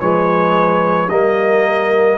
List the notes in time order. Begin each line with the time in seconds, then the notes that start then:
0.00 F3 G#3 B4 C#5
1.10 G3 A#3 A#4 D#5